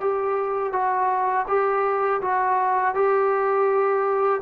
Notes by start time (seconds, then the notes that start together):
0.00 G4
0.72 F#4
1.47 G4
2.21 F#4
2.94 G4